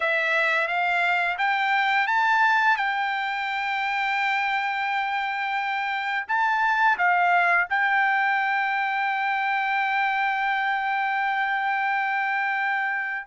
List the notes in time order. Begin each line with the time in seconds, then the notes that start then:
0.00 E5
0.67 F5
1.38 G5
2.07 A5
2.76 G5
6.28 A5
6.98 F5
7.69 G5